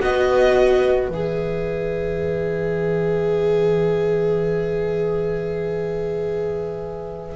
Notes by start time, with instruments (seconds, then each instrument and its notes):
0.00 double bass B3, viola F#4, clarinet B4, violin D#5
1.08 double bass E3, viola G#4, violin E5